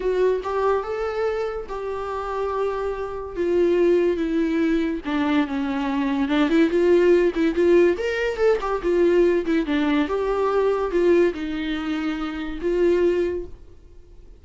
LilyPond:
\new Staff \with { instrumentName = "viola" } { \time 4/4 \tempo 4 = 143 fis'4 g'4 a'2 | g'1 | f'2 e'2 | d'4 cis'2 d'8 e'8 |
f'4. e'8 f'4 ais'4 | a'8 g'8 f'4. e'8 d'4 | g'2 f'4 dis'4~ | dis'2 f'2 | }